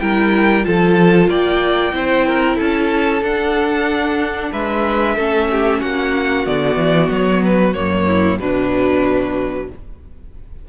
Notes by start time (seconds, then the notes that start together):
0.00 G3 E4 A#4 G5
0.63 F3 F4 A4 A5
1.28 A#3 D5 G5
1.92 C4 E4 C5
2.27 A#4
2.57 C#4 A4 A5
3.22 D4 F#5
4.52 G#3 B4 E5
5.16 A3 C#4 A4
5.51 G4
5.80 A#3 F#4 F#5
6.46 D3 B3 D5
6.76 E3
7.11 F#3 C#5
7.44 B4
7.74 F#2 A#3 C#5
8.07 E4
8.40 B2 F#3 D4 B4